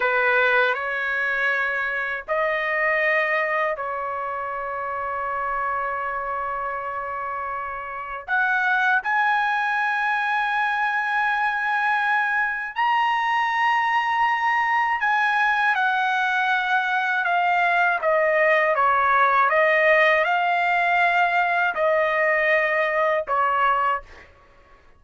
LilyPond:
\new Staff \with { instrumentName = "trumpet" } { \time 4/4 \tempo 4 = 80 b'4 cis''2 dis''4~ | dis''4 cis''2.~ | cis''2. fis''4 | gis''1~ |
gis''4 ais''2. | gis''4 fis''2 f''4 | dis''4 cis''4 dis''4 f''4~ | f''4 dis''2 cis''4 | }